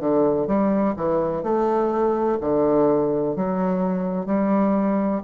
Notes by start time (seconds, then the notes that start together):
0.00 D3
0.47 G3
0.97 E3
1.43 A3
2.41 D3
3.36 F#3
4.26 G3